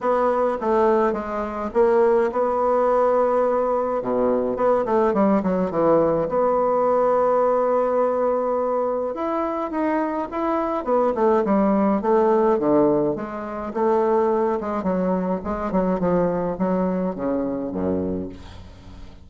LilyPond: \new Staff \with { instrumentName = "bassoon" } { \time 4/4 \tempo 4 = 105 b4 a4 gis4 ais4 | b2. b,4 | b8 a8 g8 fis8 e4 b4~ | b1 |
e'4 dis'4 e'4 b8 a8 | g4 a4 d4 gis4 | a4. gis8 fis4 gis8 fis8 | f4 fis4 cis4 fis,4 | }